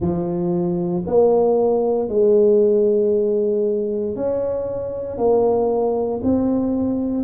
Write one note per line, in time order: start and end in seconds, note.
0.00 1.03 F3
1.06 2.08 A#3
2.08 4.15 G#3
4.15 5.17 C#4
5.17 6.21 A#3
6.23 7.23 C4